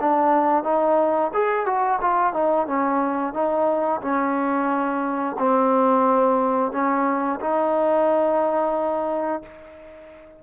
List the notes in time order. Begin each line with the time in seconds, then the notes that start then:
0.00 D4
0.63 D#4
1.33 G#4
1.66 F#4
2.01 F4
2.33 D#4
2.67 C#4
3.33 D#4
4.01 C#4
5.39 C4
6.72 C#4
7.40 D#4